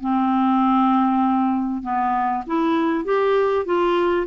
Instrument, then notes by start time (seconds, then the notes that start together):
clarinet
0.00 C4
1.82 B3
2.46 E4
3.04 G4
3.65 F4